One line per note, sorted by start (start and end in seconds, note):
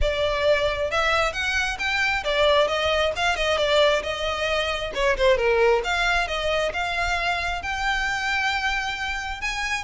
0.01 0.90 D5
0.90 1.32 E5
1.32 1.77 F#5
1.78 2.23 G5
2.24 2.67 D5
2.67 3.12 D#5
3.16 3.36 F5
3.36 3.57 D#5
3.57 4.02 D5
4.02 4.92 D#5
4.94 5.16 C#5
5.17 5.37 C5
5.37 5.82 A#4
5.84 6.27 F5
6.27 6.72 D#5
6.73 7.62 F5
7.62 9.41 G5
9.41 9.83 G#5